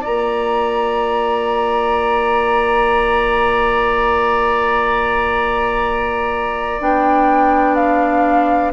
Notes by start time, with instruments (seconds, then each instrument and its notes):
0.00 bassoon A#3, clarinet F4, oboe D5, flute A#5
6.80 bassoon B3, clarinet D4, flute G5
7.74 flute F5